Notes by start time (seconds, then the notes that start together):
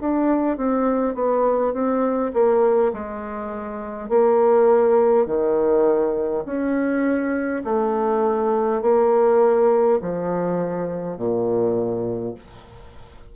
0.00 D4
0.57 C4
1.14 B3
1.73 C4
2.33 A#3
2.93 G#3
4.09 A#3
5.26 D#3
6.45 C#4
7.64 A3
8.81 A#3
10.01 F3
11.17 A#2